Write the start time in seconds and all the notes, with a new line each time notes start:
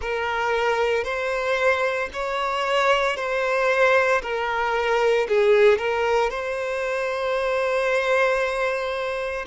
0.00 A#4
1.04 C5
2.13 C#5
3.16 C5
4.22 A#4
5.28 G#4
5.78 A#4
6.30 C5